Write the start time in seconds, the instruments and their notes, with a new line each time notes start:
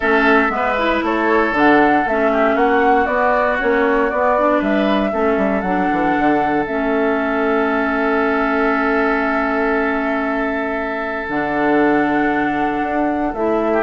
0.00 bassoon A3, clarinet C#4, oboe A4, flute E5
0.49 bassoon G#3, clarinet B3, oboe B4
0.78 clarinet E4
1.02 bassoon A3, oboe A4, flute C#5
1.51 bassoon D3, clarinet D4, flute F#5
2.05 bassoon A3, clarinet C#4, flute E5
2.32 oboe G4
2.55 bassoon A#3, oboe F#4, flute F#5
3.05 bassoon B3, clarinet B3, flute D5
3.59 bassoon A#3, clarinet C#4, flute C#5
4.10 bassoon B3, clarinet B3, flute D5
4.38 clarinet D4
4.58 bassoon G3, oboe B4, flute E5
5.12 bassoon A3, clarinet C#4, oboe A4
5.37 bassoon G3
5.61 bassoon F#3, clarinet D4, flute F#5
5.91 bassoon E3
6.17 bassoon D3
6.66 bassoon A3, clarinet C#4, flute E5
11.28 bassoon D3, clarinet D4, flute F#5
12.82 bassoon D4
13.33 bassoon A3, clarinet E4, flute E5
13.72 oboe G4